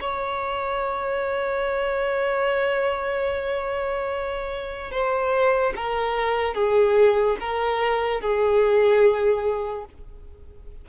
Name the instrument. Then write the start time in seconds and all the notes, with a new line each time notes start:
violin
0.00 C#5
4.91 C5
5.76 A#4
6.54 G#4
7.40 A#4
8.20 G#4